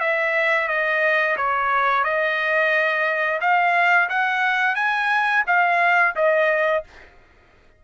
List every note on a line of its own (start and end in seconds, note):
0.00 0.68 E5
0.68 1.36 D#5
1.37 2.04 C#5
2.04 3.40 D#5
3.41 4.09 F5
4.09 4.75 F#5
4.75 5.43 G#5
5.47 6.15 F5
6.16 6.84 D#5